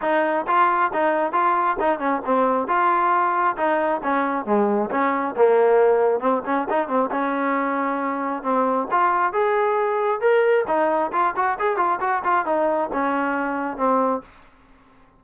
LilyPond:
\new Staff \with { instrumentName = "trombone" } { \time 4/4 \tempo 4 = 135 dis'4 f'4 dis'4 f'4 | dis'8 cis'8 c'4 f'2 | dis'4 cis'4 gis4 cis'4 | ais2 c'8 cis'8 dis'8 c'8 |
cis'2. c'4 | f'4 gis'2 ais'4 | dis'4 f'8 fis'8 gis'8 f'8 fis'8 f'8 | dis'4 cis'2 c'4 | }